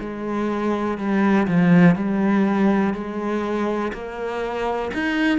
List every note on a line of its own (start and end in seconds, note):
0.00 0.97 G#3
0.97 1.47 G3
1.48 1.95 F3
1.95 2.93 G3
2.93 3.92 G#3
3.93 4.91 A#3
4.94 5.39 D#4